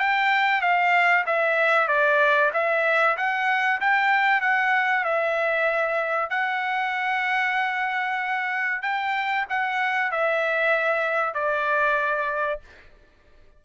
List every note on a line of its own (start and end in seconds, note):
0.00 0.62 G5
0.62 1.25 F5
1.27 1.88 E5
1.88 2.51 D5
2.54 3.17 E5
3.17 3.80 F#5
3.81 4.41 G5
4.41 5.04 F#5
5.05 6.30 E5
6.30 8.82 F#5
8.82 9.46 G5
9.50 10.12 F#5
10.12 11.35 E5
11.35 12.61 D5